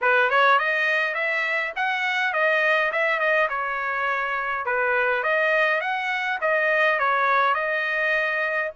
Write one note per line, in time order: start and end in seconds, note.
0.01 0.29 B4
0.29 0.58 C#5
0.58 1.14 D#5
1.14 1.72 E5
1.76 2.33 F#5
2.33 2.91 D#5
2.92 3.19 E5
3.19 3.48 D#5
3.49 4.65 C#5
4.65 5.23 B4
5.23 5.80 D#5
5.80 6.39 F#5
6.41 6.99 D#5
6.99 7.54 C#5
7.54 8.70 D#5